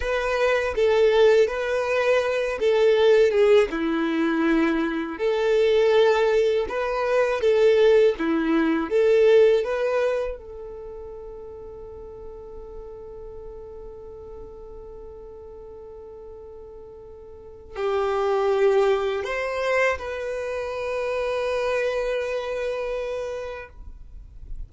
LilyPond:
\new Staff \with { instrumentName = "violin" } { \time 4/4 \tempo 4 = 81 b'4 a'4 b'4. a'8~ | a'8 gis'8 e'2 a'4~ | a'4 b'4 a'4 e'4 | a'4 b'4 a'2~ |
a'1~ | a'1 | g'2 c''4 b'4~ | b'1 | }